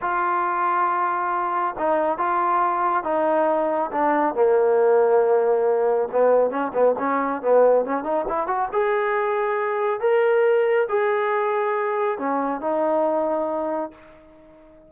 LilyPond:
\new Staff \with { instrumentName = "trombone" } { \time 4/4 \tempo 4 = 138 f'1 | dis'4 f'2 dis'4~ | dis'4 d'4 ais2~ | ais2 b4 cis'8 b8 |
cis'4 b4 cis'8 dis'8 e'8 fis'8 | gis'2. ais'4~ | ais'4 gis'2. | cis'4 dis'2. | }